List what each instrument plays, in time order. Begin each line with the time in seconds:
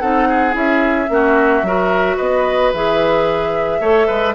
0.00 bassoon C4, clarinet D#4, oboe A4, flute F#5
0.28 oboe G#4
0.52 bassoon C#4, clarinet E4, flute E5
1.09 bassoon A#3, clarinet C#4, oboe F#4
1.62 bassoon F#3, clarinet F#4, oboe A#4
2.16 bassoon B3, oboe B4, flute D#5
2.73 bassoon E3, clarinet G#4, flute E5
3.80 bassoon A3, clarinet A4, oboe C#5
4.07 bassoon G#3, oboe B4